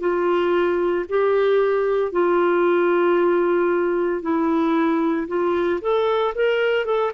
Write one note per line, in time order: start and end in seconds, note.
0.00 1.05 F4
1.09 2.12 G4
2.12 4.22 F4
4.22 5.28 E4
5.28 5.80 F4
5.81 6.34 A4
6.35 6.86 A#4
6.86 7.12 A4